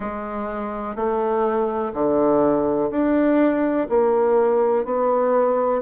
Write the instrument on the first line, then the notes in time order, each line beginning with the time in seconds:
bassoon
0.00 G#3
0.95 A3
1.93 D3
2.90 D4
3.89 A#3
4.84 B3